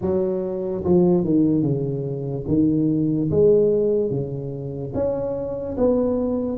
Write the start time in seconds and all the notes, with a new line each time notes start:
0.01 F#3
0.84 F3
1.24 D#3
1.62 C#3
2.47 D#3
3.30 G#3
4.10 C#3
4.94 C#4
5.77 B3